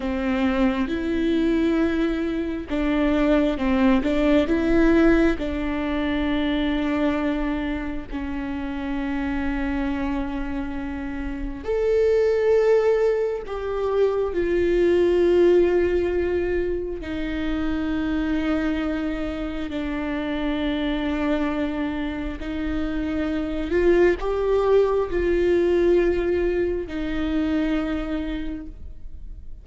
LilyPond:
\new Staff \with { instrumentName = "viola" } { \time 4/4 \tempo 4 = 67 c'4 e'2 d'4 | c'8 d'8 e'4 d'2~ | d'4 cis'2.~ | cis'4 a'2 g'4 |
f'2. dis'4~ | dis'2 d'2~ | d'4 dis'4. f'8 g'4 | f'2 dis'2 | }